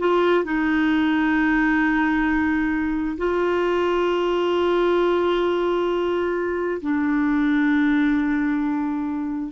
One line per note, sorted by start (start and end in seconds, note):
0.00 0.45 F4
0.45 3.18 D#4
3.18 6.82 F4
6.82 9.52 D4